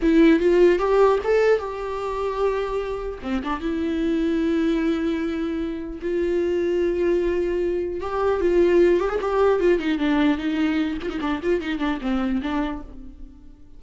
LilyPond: \new Staff \with { instrumentName = "viola" } { \time 4/4 \tempo 4 = 150 e'4 f'4 g'4 a'4 | g'1 | c'8 d'8 e'2.~ | e'2. f'4~ |
f'1 | g'4 f'4. g'16 gis'16 g'4 | f'8 dis'8 d'4 dis'4. f'16 dis'16 | d'8 f'8 dis'8 d'8 c'4 d'4 | }